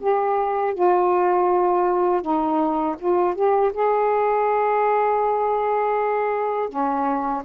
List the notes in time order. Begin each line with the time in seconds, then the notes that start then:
0.00 G4
0.74 F4
2.22 D#4
2.99 F4
3.35 G4
3.73 G#4
6.69 C#4